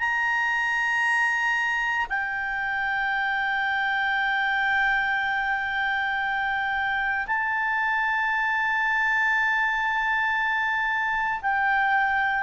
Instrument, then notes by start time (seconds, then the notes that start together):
clarinet
0.00 A#5
2.10 G5
7.27 A5
11.42 G5